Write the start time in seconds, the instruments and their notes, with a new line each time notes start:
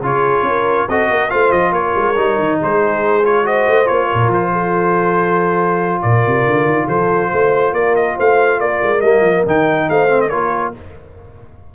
0.00 tuba C#3, trombone F4, horn G#4, trumpet C#5
0.42 tuba C#4, horn A#4
0.88 tuba C4, trombone F#4, horn A4, trumpet D#5
1.10 tuba A#3, horn A#4
1.29 tuba A3, trombone F4, horn C5, trumpet F5
1.51 tuba F3, trumpet D#5
1.72 tuba A#3, horn A#4, trumpet C#5
1.95 tuba G#3
2.16 tuba G3, trombone D#4
2.38 tuba D#3
2.60 tuba G#3, horn G#4, trumpet C5
3.24 trombone F4, trumpet C#5
3.44 trombone F#4, horn C5, trumpet D#5
3.67 tuba A3
3.84 trombone F4, trumpet C#5
3.91 tuba A#3
4.07 tuba A#2, horn A#4
4.27 tuba F3
4.33 trumpet C5
4.52 horn A4
6.01 tuba A#2, horn A#4, trumpet D5
6.26 tuba C3
6.46 tuba D3
6.65 tuba D#3
6.87 tuba F3, horn A4, trumpet C5
7.30 tuba A3, horn C5
7.72 tuba A#3, horn A#4, trumpet D5
7.95 trumpet D#5
8.16 tuba A3, horn C5, trumpet F5
8.60 tuba A#3, horn A#4, trumpet D5
8.82 tuba G#3
9.00 tuba G3, trombone A#3, trumpet D#5
9.20 tuba F3
9.46 tuba D#3, trombone D#4, trumpet G5
9.89 tuba A3, horn C5, trumpet F5
10.08 trombone C4
10.21 trumpet D#5
10.27 tuba A#3, trombone F4, horn A#4, trumpet C#5